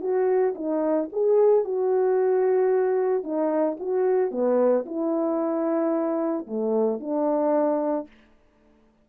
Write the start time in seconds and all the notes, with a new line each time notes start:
0.00 F#4
0.55 D#4
1.12 G#4
1.64 F#4
3.23 D#4
3.79 F#4
4.31 B3
4.85 E4
6.47 A3
7.00 D4